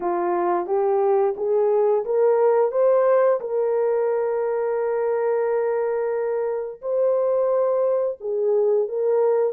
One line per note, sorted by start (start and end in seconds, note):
0.00 0.66 F4
0.66 1.34 G4
1.36 2.05 G#4
2.05 2.71 A#4
2.71 3.39 C5
3.40 6.81 A#4
6.81 8.18 C5
8.20 8.88 G#4
8.88 9.53 A#4